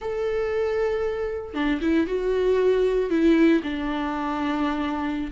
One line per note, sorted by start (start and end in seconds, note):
0.01 1.54 A4
1.54 1.80 D4
1.81 2.06 E4
2.06 3.10 F#4
3.10 3.61 E4
3.63 5.31 D4